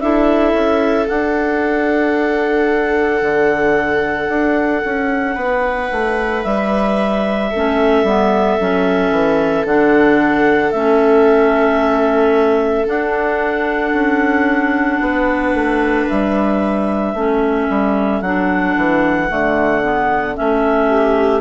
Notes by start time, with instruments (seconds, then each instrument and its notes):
0.00 bassoon D4, clarinet E4 E5, viola A4
0.53 bassoon C#4
1.06 clarinet D4 F#5, bassoon D4
3.22 bassoon D3
4.29 bassoon D4
4.85 bassoon C#4
5.35 bassoon B3, viola B4
5.92 bassoon A3
6.43 bassoon G3, clarinet E5
7.50 bassoon A3, clarinet C#4, viola A4
8.03 bassoon G3, clarinet B3
8.60 bassoon F#3, clarinet C#4
9.11 bassoon E3
9.64 bassoon D3, clarinet D4 F#5
10.71 bassoon A3, clarinet C#4 E5
12.87 clarinet D4 F#5, bassoon D4
13.92 bassoon C#4
15.01 bassoon B3, viola B4
15.54 bassoon A3
16.08 bassoon G3, clarinet E5
17.14 bassoon A3, clarinet C#4, viola A4
17.69 bassoon G3
18.21 bassoon F#3, clarinet D4 F#5
18.77 bassoon E3
19.29 bassoon D3, clarinet A3
19.83 clarinet B3
20.35 bassoon A3, clarinet C#4 E5
20.90 viola G4